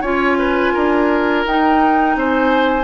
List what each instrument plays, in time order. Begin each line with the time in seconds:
0.00 bassoon C#4, clarinet F4, oboe C#5, flute G#5
0.38 oboe B4
0.73 bassoon D4, oboe A#4
1.45 bassoon D#4, clarinet D#4, flute G5
2.15 bassoon C4, oboe C5, flute G#5